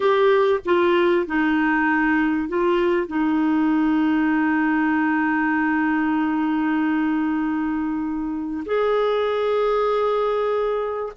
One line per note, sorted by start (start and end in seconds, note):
0.00 0.60 G4
0.65 1.26 F4
1.26 2.48 D#4
2.48 3.07 F4
3.07 8.63 D#4
8.65 11.13 G#4